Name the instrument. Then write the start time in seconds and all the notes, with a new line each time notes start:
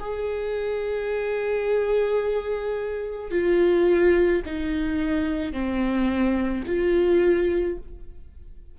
viola
0.00 G#4
3.31 F4
4.45 D#4
5.53 C4
6.67 F4